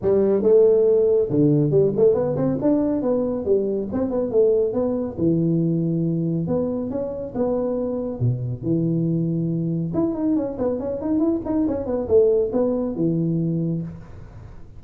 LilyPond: \new Staff \with { instrumentName = "tuba" } { \time 4/4 \tempo 4 = 139 g4 a2 d4 | g8 a8 b8 c'8 d'4 b4 | g4 c'8 b8 a4 b4 | e2. b4 |
cis'4 b2 b,4 | e2. e'8 dis'8 | cis'8 b8 cis'8 dis'8 e'8 dis'8 cis'8 b8 | a4 b4 e2 | }